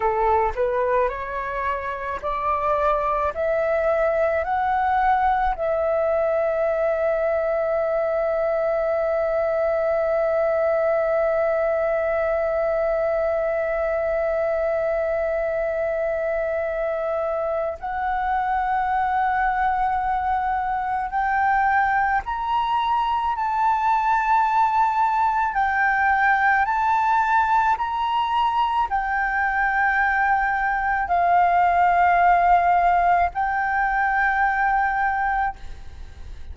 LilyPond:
\new Staff \with { instrumentName = "flute" } { \time 4/4 \tempo 4 = 54 a'8 b'8 cis''4 d''4 e''4 | fis''4 e''2.~ | e''1~ | e''1 |
fis''2. g''4 | ais''4 a''2 g''4 | a''4 ais''4 g''2 | f''2 g''2 | }